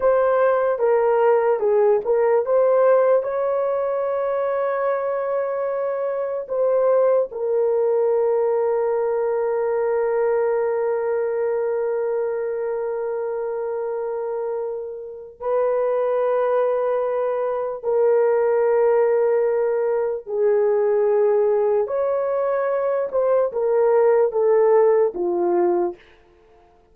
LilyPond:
\new Staff \with { instrumentName = "horn" } { \time 4/4 \tempo 4 = 74 c''4 ais'4 gis'8 ais'8 c''4 | cis''1 | c''4 ais'2.~ | ais'1~ |
ais'2. b'4~ | b'2 ais'2~ | ais'4 gis'2 cis''4~ | cis''8 c''8 ais'4 a'4 f'4 | }